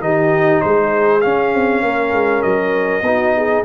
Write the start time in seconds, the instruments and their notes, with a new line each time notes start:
0.00 tuba D#3, trombone D#4, horn G4, trumpet D#5
0.61 tuba G#3, horn G#4, trumpet C5
1.21 trombone C#4, tuba C#4, trumpet F5
1.55 tuba C4
1.83 tuba A#3, horn A#4
2.13 tuba G#3
2.42 tuba F#3, trumpet D#5
3.02 tuba B3, trombone D#4, horn F#4
3.37 horn G#4